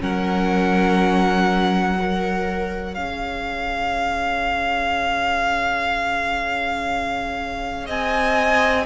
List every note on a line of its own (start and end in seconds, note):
0.00 2.97 F#3
0.00 1.97 C#4
0.00 1.97 A#4
0.00 2.95 F#5
1.97 2.97 A#4
1.97 7.87 C#5
2.95 7.89 C#4
2.95 8.86 G#4
2.95 7.87 F5
7.87 8.86 C4
7.87 8.85 D#5
7.87 8.86 G#5